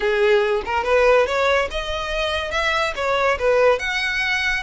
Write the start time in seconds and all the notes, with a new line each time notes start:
0.00 G#4
0.65 A#4
0.84 B4
1.26 C#5
1.70 D#5
2.51 E5
2.95 C#5
3.38 B4
3.79 F#5